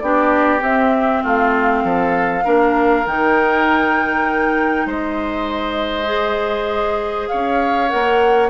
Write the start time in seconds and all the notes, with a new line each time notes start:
0.00 B3 D4 G4 D5
0.60 C4 E5
1.23 A3 F4 F5
1.84 F3 A4
2.45 A#3 D4 A#4
3.06 D#3 D#4 G5
4.86 G#3 C5 D#5
6.06 G#4
7.28 C#4 C#5 F5
7.89 A#3 A#4 F#5